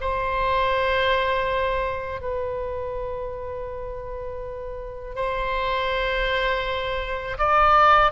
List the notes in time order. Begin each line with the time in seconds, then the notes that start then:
0.00 C5
2.21 B4
5.15 C5
7.38 D5